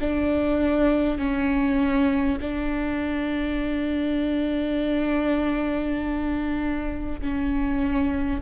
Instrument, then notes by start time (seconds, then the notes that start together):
viola
0.00 D4
1.18 C#4
2.41 D4
7.21 C#4